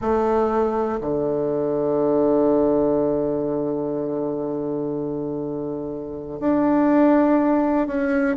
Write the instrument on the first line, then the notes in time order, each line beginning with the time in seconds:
bassoon
0.01 A3
1.00 D3
6.40 D4
7.87 C#4